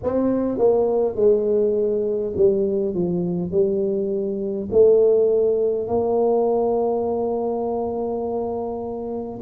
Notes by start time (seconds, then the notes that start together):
0.03 C4
0.58 A#3
1.15 G#3
2.36 G3
2.94 F3
3.51 G3
4.71 A3
5.87 A#3